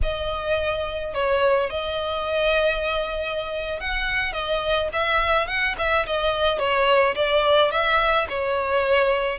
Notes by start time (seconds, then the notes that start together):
0.02 D#5
1.13 C#5
1.70 D#5
3.80 F#5
4.32 D#5
4.92 E5
5.47 F#5
5.78 E5
6.06 D#5
6.58 C#5
7.15 D5
7.71 E5
8.29 C#5